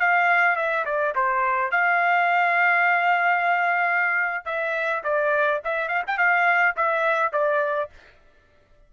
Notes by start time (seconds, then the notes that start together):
0.00 F5
0.56 E5
0.85 D5
1.15 C5
1.71 F5
4.45 E5
5.03 D5
5.64 E5
5.88 F5
6.07 G5
6.18 F5
6.76 E5
7.32 D5